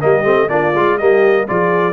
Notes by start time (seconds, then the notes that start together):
0.00 G3 A#3 G4 D#5
0.24 A3 C4
0.49 A#3 D4 F4 D5
0.75 G#3 F4
0.98 G3 A#3 G4 D#5
1.48 F3 F4 G#4 D5